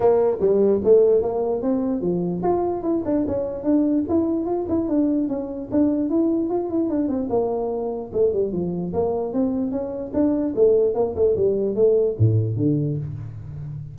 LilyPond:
\new Staff \with { instrumentName = "tuba" } { \time 4/4 \tempo 4 = 148 ais4 g4 a4 ais4 | c'4 f4 f'4 e'8 d'8 | cis'4 d'4 e'4 f'8 e'8 | d'4 cis'4 d'4 e'4 |
f'8 e'8 d'8 c'8 ais2 | a8 g8 f4 ais4 c'4 | cis'4 d'4 a4 ais8 a8 | g4 a4 a,4 d4 | }